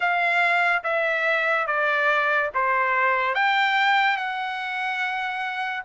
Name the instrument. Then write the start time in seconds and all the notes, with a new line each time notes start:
trumpet
0.00 F5
0.83 E5
1.66 D5
2.54 C5
3.34 G5
4.16 F#5